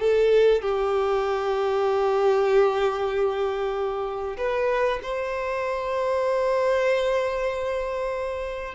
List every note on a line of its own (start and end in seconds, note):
0.00 0.62 A4
0.62 4.37 G4
4.38 5.00 B4
5.03 8.75 C5